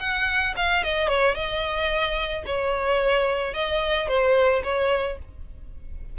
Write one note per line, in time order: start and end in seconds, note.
0.00 0.55 F#5
0.57 0.84 F5
0.84 1.08 D#5
1.08 1.35 C#5
1.35 2.44 D#5
2.46 3.54 C#5
3.54 4.08 D#5
4.08 4.63 C5
4.64 5.19 C#5